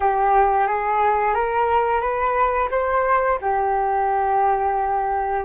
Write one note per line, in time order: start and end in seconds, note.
0.00 0.67 G4
0.67 1.34 G#4
1.34 2.00 A#4
2.00 2.68 B4
2.71 3.39 C5
3.41 5.45 G4